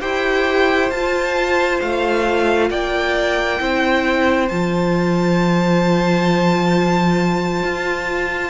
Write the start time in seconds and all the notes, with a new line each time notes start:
0.00 E4 G4 C5 G5
0.90 F4 A5
1.80 A3 F5
2.70 A#3 D5 G5
3.59 C4 E4 C5
4.48 F3 F4 A5
7.63 F4